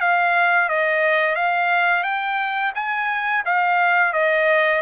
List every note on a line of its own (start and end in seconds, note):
0.00 0.69 F5
0.69 1.35 D#5
1.35 2.03 F5
2.03 2.72 G5
2.75 3.44 G#5
3.45 4.13 F5
4.13 4.82 D#5